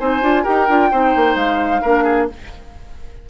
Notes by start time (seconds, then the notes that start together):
0.00 C4 D#4 C5 G#5
0.22 D4 F4
0.44 D#4 G4 A#4 G5
0.69 D4 F4
0.92 C4 D#4 C5
1.16 A#3
1.36 G#3 F5
1.82 A#3 D4 A#4
2.04 G#4